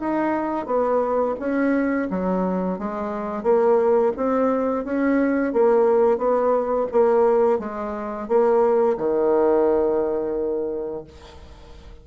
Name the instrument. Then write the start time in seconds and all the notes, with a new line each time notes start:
bassoon
0.00 D#4
0.66 B3
1.39 C#4
2.10 F#3
2.79 G#3
3.43 A#3
4.17 C4
4.85 C#4
5.53 A#3
6.18 B3
6.92 A#3
7.59 G#3
8.28 A#3
8.97 D#3